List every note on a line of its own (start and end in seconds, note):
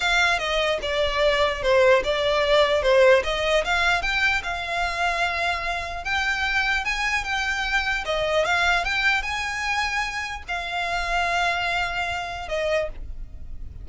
0.00 0.38 F5
0.38 0.79 D#5
0.81 1.62 D5
1.62 2.02 C5
2.04 2.82 D5
2.82 3.22 C5
3.23 3.64 D#5
3.64 4.02 F5
4.02 4.42 G5
4.43 6.04 F5
6.04 6.84 G5
6.84 7.23 G#5
7.23 8.04 G5
8.05 8.45 D#5
8.45 8.84 F5
8.84 9.22 G5
9.22 10.43 G#5
10.48 12.48 F5
12.48 12.88 D#5